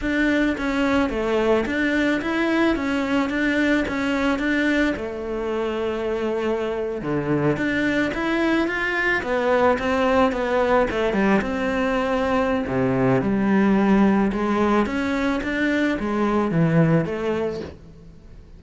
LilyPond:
\new Staff \with { instrumentName = "cello" } { \time 4/4 \tempo 4 = 109 d'4 cis'4 a4 d'4 | e'4 cis'4 d'4 cis'4 | d'4 a2.~ | a8. d4 d'4 e'4 f'16~ |
f'8. b4 c'4 b4 a16~ | a16 g8 c'2~ c'16 c4 | g2 gis4 cis'4 | d'4 gis4 e4 a4 | }